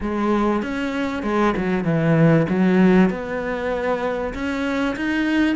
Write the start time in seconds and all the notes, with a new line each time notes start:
0.01 G#3
0.62 C#4
1.23 G#3
1.56 F#3
1.84 E3
2.49 F#3
3.09 B3
4.34 C#4
4.96 D#4